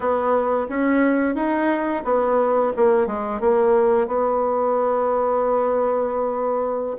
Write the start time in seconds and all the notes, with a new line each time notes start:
0.00 B3
0.69 C#4
1.35 D#4
2.04 B3
2.76 A#3
3.07 G#3
3.40 A#3
4.07 B3